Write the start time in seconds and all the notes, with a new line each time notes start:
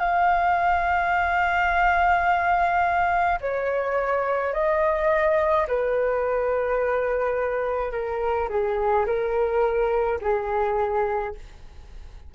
0.00 F5
3.41 C#5
4.54 D#5
5.68 B4
7.92 A#4
8.50 G#4
9.07 A#4
10.22 G#4